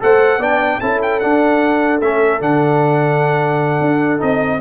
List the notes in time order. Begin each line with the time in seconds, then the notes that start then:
0.00 A3 A4 C5 F#5
0.38 B3 D4 D5 G5
0.80 C#4 E4 A4 A5
1.02 G5
1.20 D4 F#5
2.01 A3 C#4 E5
2.40 D3 D4 F#5
3.81 D4
4.18 C4 D#4 D#5